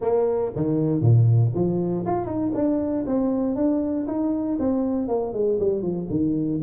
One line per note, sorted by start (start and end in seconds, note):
0.01 0.52 A#3
0.55 1.01 D#3
1.01 1.52 A#2
1.54 2.05 F3
2.05 2.26 F4
2.26 2.51 D#4
2.54 3.05 D4
3.06 3.55 C4
3.55 4.06 D4
4.07 4.58 D#4
4.59 5.07 C4
5.07 5.33 A#3
5.33 5.58 G#3
5.59 5.82 G3
5.82 6.07 F3
6.10 6.61 D#3